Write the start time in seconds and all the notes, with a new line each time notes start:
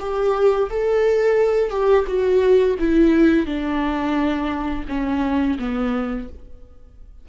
0.00 G4
0.70 A4
1.71 G4
2.07 F#4
2.80 E4
3.46 D4
4.89 C#4
5.59 B3